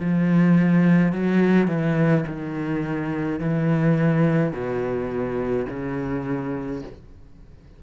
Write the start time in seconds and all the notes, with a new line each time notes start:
0.00 F3
1.13 F#3
1.68 E3
2.27 D#3
3.40 E3
4.53 B2
5.69 C#3